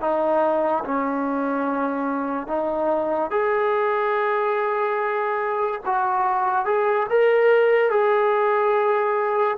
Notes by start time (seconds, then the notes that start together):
0.00 D#4
0.84 C#4
2.47 D#4
3.31 G#4
5.85 F#4
6.65 G#4
7.09 A#4
7.90 G#4